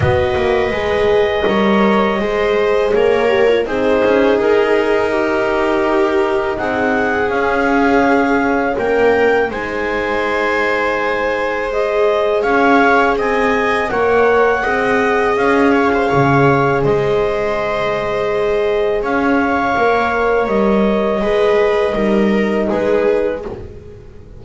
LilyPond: <<
  \new Staff \with { instrumentName = "clarinet" } { \time 4/4 \tempo 4 = 82 dis''1 | cis''4 c''4 ais'2~ | ais'4 fis''4 f''2 | g''4 gis''2. |
dis''4 f''4 gis''4 fis''4~ | fis''4 f''2 dis''4~ | dis''2 f''2 | dis''2. b'4 | }
  \new Staff \with { instrumentName = "viola" } { \time 4/4 b'2 cis''4 c''4 | ais'4 gis'2 g'4~ | g'4 gis'2. | ais'4 c''2.~ |
c''4 cis''4 dis''4 cis''4 | dis''4. cis''16 c''16 cis''4 c''4~ | c''2 cis''2~ | cis''4 b'4 ais'4 gis'4 | }
  \new Staff \with { instrumentName = "horn" } { \time 4/4 fis'4 gis'4 ais'4 gis'4~ | gis'8 g'16 f'16 dis'2.~ | dis'2 cis'2~ | cis'4 dis'2. |
gis'2. ais'4 | gis'1~ | gis'2. ais'4~ | ais'4 gis'4 dis'2 | }
  \new Staff \with { instrumentName = "double bass" } { \time 4/4 b8 ais8 gis4 g4 gis4 | ais4 c'8 cis'8 dis'2~ | dis'4 c'4 cis'2 | ais4 gis2.~ |
gis4 cis'4 c'4 ais4 | c'4 cis'4 cis4 gis4~ | gis2 cis'4 ais4 | g4 gis4 g4 gis4 | }
>>